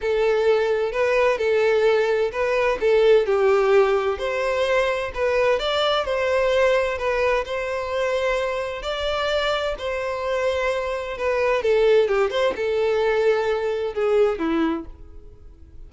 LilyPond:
\new Staff \with { instrumentName = "violin" } { \time 4/4 \tempo 4 = 129 a'2 b'4 a'4~ | a'4 b'4 a'4 g'4~ | g'4 c''2 b'4 | d''4 c''2 b'4 |
c''2. d''4~ | d''4 c''2. | b'4 a'4 g'8 c''8 a'4~ | a'2 gis'4 e'4 | }